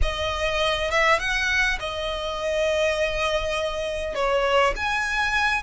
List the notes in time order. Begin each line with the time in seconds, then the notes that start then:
0.01 D#5
0.90 E5
1.19 F#5
1.79 D#5
4.14 C#5
4.76 G#5